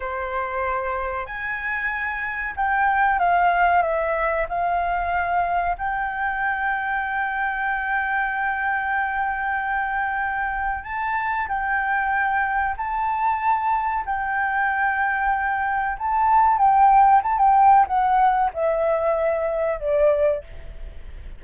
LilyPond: \new Staff \with { instrumentName = "flute" } { \time 4/4 \tempo 4 = 94 c''2 gis''2 | g''4 f''4 e''4 f''4~ | f''4 g''2.~ | g''1~ |
g''4 a''4 g''2 | a''2 g''2~ | g''4 a''4 g''4 a''16 g''8. | fis''4 e''2 d''4 | }